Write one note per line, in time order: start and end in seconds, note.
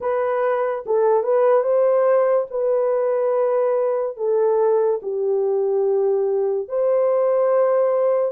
0.00 0.84 B4
0.86 1.23 A4
1.23 1.63 B4
1.63 2.46 C5
2.50 4.17 B4
4.17 5.00 A4
5.02 6.68 G4
6.68 8.31 C5